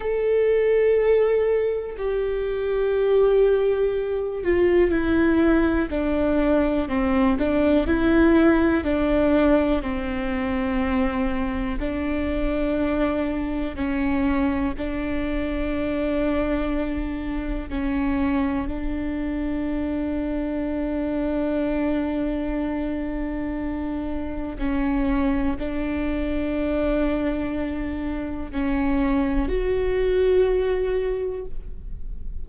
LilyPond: \new Staff \with { instrumentName = "viola" } { \time 4/4 \tempo 4 = 61 a'2 g'2~ | g'8 f'8 e'4 d'4 c'8 d'8 | e'4 d'4 c'2 | d'2 cis'4 d'4~ |
d'2 cis'4 d'4~ | d'1~ | d'4 cis'4 d'2~ | d'4 cis'4 fis'2 | }